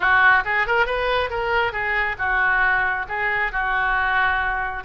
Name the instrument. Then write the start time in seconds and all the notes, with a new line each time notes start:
oboe
0.00 F#4
0.45 G#4
0.66 A#4
0.86 B4
1.29 A#4
1.72 G#4
2.18 F#4
3.08 G#4
3.52 F#4